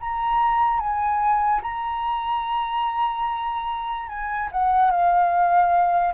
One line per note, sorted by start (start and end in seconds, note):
0.00 0.80 A#5
0.80 1.62 G#5
1.62 4.08 A#5
4.08 4.49 G#5
4.52 4.91 F#5
4.91 6.14 F5